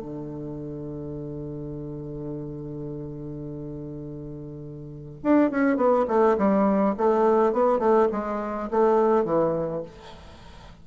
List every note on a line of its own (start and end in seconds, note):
0.00 5.19 D3
5.24 5.51 D4
5.51 5.77 C#4
5.77 6.06 B3
6.08 6.37 A3
6.38 6.95 G3
6.97 7.53 A3
7.53 7.79 B3
7.79 8.08 A3
8.12 8.70 G#3
8.71 9.25 A3
9.25 9.83 E3